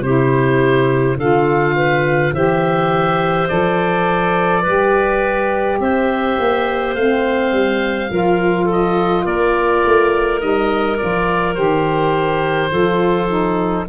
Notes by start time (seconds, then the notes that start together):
0.00 C3 E4 G4 C5
1.16 D3 F4 A4 F5
1.75 B4
2.32 E3 G4 C5 E5
3.48 F3 A4 D5
4.61 G3 G4 B4
5.79 C4 C5 E5
6.39 A#3
6.94 A3 C4 F5
7.52 G3
8.09 F3 F4 A#4
8.64 A4
8.72 D#5
9.24 A#3 A#4 D5
9.85 A3
10.39 G3 D#4 D#5
10.98 F3 F4 D5
11.54 D#3 G4 C5
12.71 F3 F4 A4
13.28 D#4